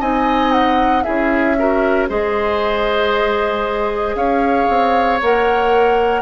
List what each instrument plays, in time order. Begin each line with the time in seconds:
0.00 bassoon C4, clarinet D#4, oboe D#5, flute G#5
0.52 flute F#5
1.03 bassoon C#4, clarinet E4, oboe G#4, flute E5
1.58 clarinet F#4, oboe A#4
2.09 bassoon G#3, clarinet G#4, oboe C5, flute D#5
4.15 bassoon C#4, oboe C#5, flute F5
4.69 bassoon C4
5.21 bassoon A#3, clarinet A#4, flute F#5